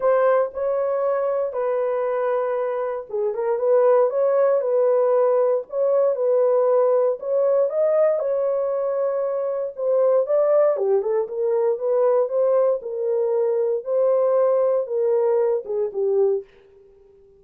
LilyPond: \new Staff \with { instrumentName = "horn" } { \time 4/4 \tempo 4 = 117 c''4 cis''2 b'4~ | b'2 gis'8 ais'8 b'4 | cis''4 b'2 cis''4 | b'2 cis''4 dis''4 |
cis''2. c''4 | d''4 g'8 a'8 ais'4 b'4 | c''4 ais'2 c''4~ | c''4 ais'4. gis'8 g'4 | }